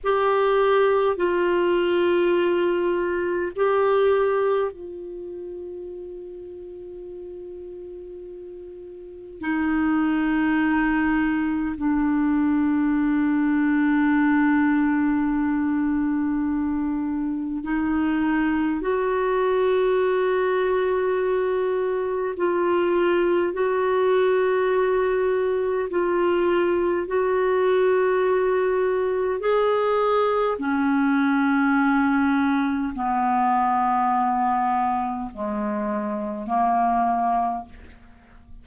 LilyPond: \new Staff \with { instrumentName = "clarinet" } { \time 4/4 \tempo 4 = 51 g'4 f'2 g'4 | f'1 | dis'2 d'2~ | d'2. dis'4 |
fis'2. f'4 | fis'2 f'4 fis'4~ | fis'4 gis'4 cis'2 | b2 gis4 ais4 | }